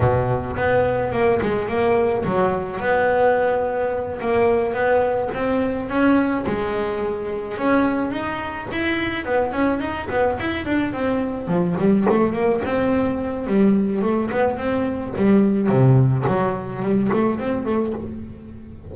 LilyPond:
\new Staff \with { instrumentName = "double bass" } { \time 4/4 \tempo 4 = 107 b,4 b4 ais8 gis8 ais4 | fis4 b2~ b8 ais8~ | ais8 b4 c'4 cis'4 gis8~ | gis4. cis'4 dis'4 e'8~ |
e'8 b8 cis'8 dis'8 b8 e'8 d'8 c'8~ | c'8 f8 g8 a8 ais8 c'4. | g4 a8 b8 c'4 g4 | c4 fis4 g8 a8 c'8 a8 | }